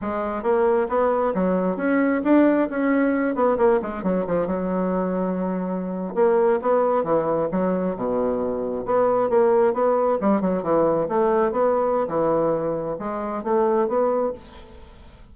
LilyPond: \new Staff \with { instrumentName = "bassoon" } { \time 4/4 \tempo 4 = 134 gis4 ais4 b4 fis4 | cis'4 d'4 cis'4. b8 | ais8 gis8 fis8 f8 fis2~ | fis4.~ fis16 ais4 b4 e16~ |
e8. fis4 b,2 b16~ | b8. ais4 b4 g8 fis8 e16~ | e8. a4 b4~ b16 e4~ | e4 gis4 a4 b4 | }